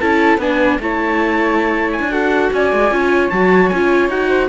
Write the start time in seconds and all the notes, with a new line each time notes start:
0.00 C#4 E4 A4 A5
0.38 B3 D4 B4 G#5
0.80 A3 E4 C#5 A5
1.93 G#5
2.00 D4
2.10 F#4 A4 F#5
2.53 C#4 D5 G#5
2.73 G#3
2.91 C#4 F4 C#5
3.30 F#3 F#4 A5
3.69 C#4 F4 G#5
4.09 D#4 F#4 F#5
4.29 C5